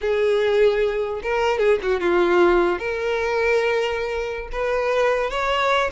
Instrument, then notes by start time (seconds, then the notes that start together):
violin
0.01 G#4
1.23 A#4
1.58 G#4
1.82 F#4
2.00 F4
2.78 A#4
4.51 B4
5.30 C#5